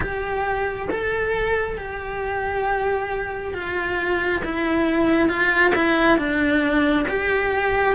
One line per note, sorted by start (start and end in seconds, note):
0.00 0.88 G4
0.90 1.77 A4
1.77 3.53 G4
3.53 4.42 F4
4.44 5.28 E4
5.28 5.72 F4
5.75 6.18 E4
6.18 7.06 D4
7.08 7.95 G4